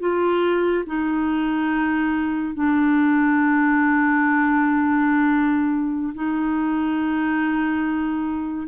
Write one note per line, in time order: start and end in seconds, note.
0.00 0.85 F4
0.86 2.54 D#4
2.54 6.13 D4
6.14 8.68 D#4